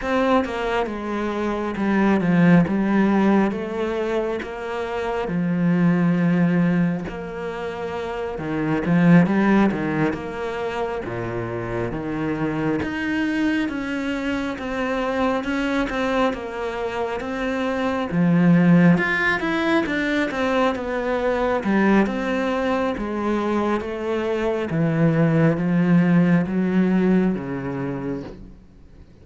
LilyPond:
\new Staff \with { instrumentName = "cello" } { \time 4/4 \tempo 4 = 68 c'8 ais8 gis4 g8 f8 g4 | a4 ais4 f2 | ais4. dis8 f8 g8 dis8 ais8~ | ais8 ais,4 dis4 dis'4 cis'8~ |
cis'8 c'4 cis'8 c'8 ais4 c'8~ | c'8 f4 f'8 e'8 d'8 c'8 b8~ | b8 g8 c'4 gis4 a4 | e4 f4 fis4 cis4 | }